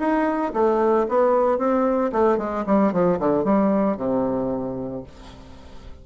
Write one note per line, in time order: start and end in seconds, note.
0.00 0.53 D#4
0.54 1.07 A3
1.09 1.59 B3
1.59 2.12 C4
2.13 2.38 A3
2.38 2.65 G#3
2.67 2.93 G3
2.93 3.19 F3
3.20 3.45 D3
3.45 3.98 G3
3.98 5.04 C3